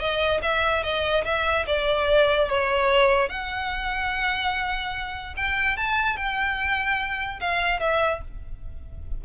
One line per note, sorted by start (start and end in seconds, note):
0.00 0.41 D#5
0.43 0.84 E5
0.84 1.25 D#5
1.25 1.66 E5
1.67 2.49 D5
2.49 3.29 C#5
3.29 5.35 F#5
5.37 5.77 G5
5.77 6.17 A5
6.17 7.40 G5
7.40 7.80 F5
7.80 8.21 E5